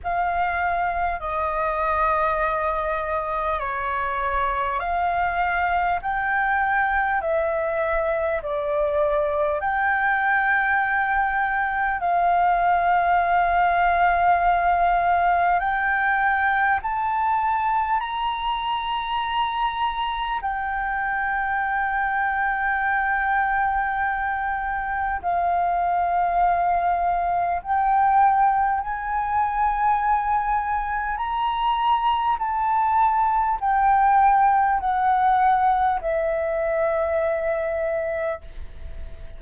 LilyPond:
\new Staff \with { instrumentName = "flute" } { \time 4/4 \tempo 4 = 50 f''4 dis''2 cis''4 | f''4 g''4 e''4 d''4 | g''2 f''2~ | f''4 g''4 a''4 ais''4~ |
ais''4 g''2.~ | g''4 f''2 g''4 | gis''2 ais''4 a''4 | g''4 fis''4 e''2 | }